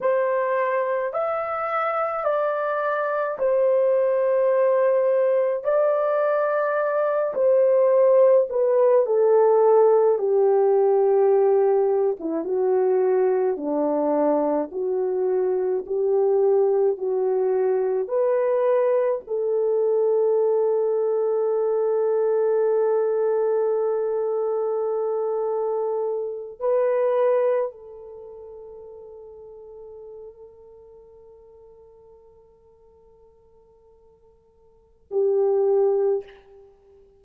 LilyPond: \new Staff \with { instrumentName = "horn" } { \time 4/4 \tempo 4 = 53 c''4 e''4 d''4 c''4~ | c''4 d''4. c''4 b'8 | a'4 g'4.~ g'16 e'16 fis'4 | d'4 fis'4 g'4 fis'4 |
b'4 a'2.~ | a'2.~ a'8 b'8~ | b'8 a'2.~ a'8~ | a'2. g'4 | }